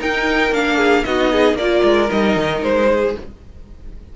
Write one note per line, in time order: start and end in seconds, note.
0.00 0.53 D#4
0.00 0.52 D#4
0.00 0.77 A#4
0.00 0.54 G5
0.52 1.04 A#3
0.52 1.06 D4
0.52 1.04 F5
0.77 1.04 G#4
1.04 1.54 B3
1.04 1.60 D#4
1.04 1.32 F#4
1.04 1.57 D#5
1.32 1.59 G#4
1.54 1.81 A#3
1.54 2.08 F4
1.54 2.11 D5
1.61 2.90 A#4
1.84 2.10 G#3
2.08 2.37 G3
2.08 3.14 D#4
2.08 2.63 D#5
2.37 2.63 D#3
2.63 3.15 G#3
2.63 3.16 C5
2.90 3.17 G#4